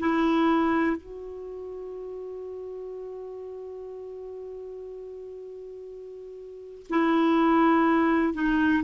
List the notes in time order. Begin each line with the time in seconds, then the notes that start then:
0.00 E4
0.97 F#4
6.90 E4
8.34 D#4